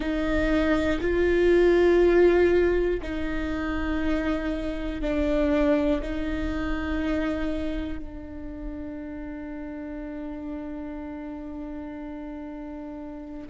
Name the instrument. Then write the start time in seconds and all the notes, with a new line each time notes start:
viola
0.00 D#4
1.00 F4
3.02 D#4
5.01 D4
6.01 D#4
7.98 D4